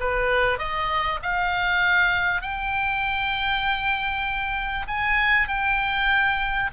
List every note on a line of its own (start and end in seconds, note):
0.00 0.59 B4
0.59 1.20 D#5
1.23 2.42 F5
2.42 4.87 G5
4.88 5.48 G#5
5.48 6.71 G5